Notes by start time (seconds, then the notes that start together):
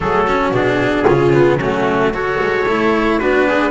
0.00 F#3 A3 G#4 A4
0.26 C#4 F#4
0.51 B2 D4 G#4
1.06 C#3 C#4 F4
1.33 B3
1.56 F#3 A3 C#4 F#4
2.13 F#4 A4 C#5
2.41 G#3
2.67 A3 E4
3.18 B3 D4 F#4 B4
3.47 G#4